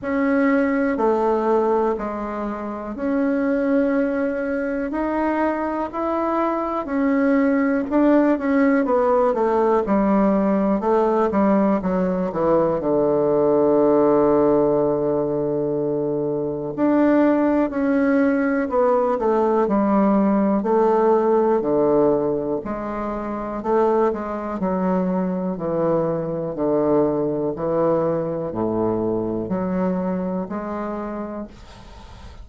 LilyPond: \new Staff \with { instrumentName = "bassoon" } { \time 4/4 \tempo 4 = 61 cis'4 a4 gis4 cis'4~ | cis'4 dis'4 e'4 cis'4 | d'8 cis'8 b8 a8 g4 a8 g8 | fis8 e8 d2.~ |
d4 d'4 cis'4 b8 a8 | g4 a4 d4 gis4 | a8 gis8 fis4 e4 d4 | e4 a,4 fis4 gis4 | }